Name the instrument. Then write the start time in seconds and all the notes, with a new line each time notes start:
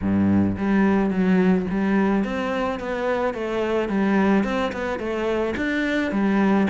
cello
0.01 G2
0.57 G3
1.10 F#3
1.70 G3
2.24 C4
2.79 B3
3.33 A3
3.88 G3
4.44 C4
4.72 B3
4.98 A3
5.56 D4
6.11 G3